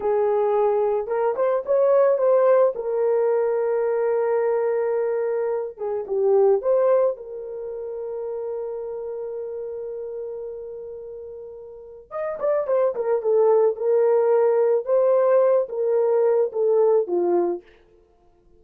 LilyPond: \new Staff \with { instrumentName = "horn" } { \time 4/4 \tempo 4 = 109 gis'2 ais'8 c''8 cis''4 | c''4 ais'2.~ | ais'2~ ais'8 gis'8 g'4 | c''4 ais'2.~ |
ais'1~ | ais'2 dis''8 d''8 c''8 ais'8 | a'4 ais'2 c''4~ | c''8 ais'4. a'4 f'4 | }